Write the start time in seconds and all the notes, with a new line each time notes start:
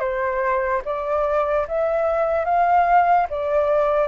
0.00 C5
0.85 D5
1.68 E5
2.45 F5
3.30 D5